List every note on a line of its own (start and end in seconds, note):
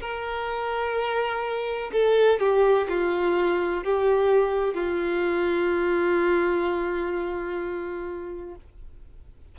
0.00 1.90 A#4
1.92 2.39 A4
2.39 2.87 G4
2.88 3.84 F4
3.84 4.74 G4
4.74 8.55 F4